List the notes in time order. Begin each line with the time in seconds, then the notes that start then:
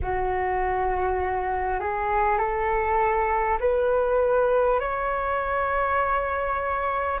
0.02 F#4
1.80 G#4
2.38 A4
3.59 B4
4.79 C#5